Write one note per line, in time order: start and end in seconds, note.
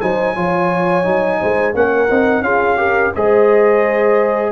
0.00 0.36 F#3
0.00 0.35 D#4
0.00 0.34 C5
0.00 1.74 G#5
0.34 1.06 F3
0.34 1.03 F4
0.34 1.39 C#5
1.03 1.40 F#3
1.03 1.73 D#4
1.39 1.74 G#3
1.39 1.74 C5
1.73 2.09 A#3
1.73 2.08 C#4
1.73 2.44 A#4
1.73 2.42 F#5
2.10 2.41 C4
2.10 2.44 D#4
2.41 3.10 C#4
2.41 2.77 F4
2.41 2.77 G#4
2.41 3.12 F5
2.77 3.11 G4
2.77 3.12 A#4
3.15 4.52 G#3
3.15 4.52 G#4
3.15 4.52 C5
3.15 4.52 D#5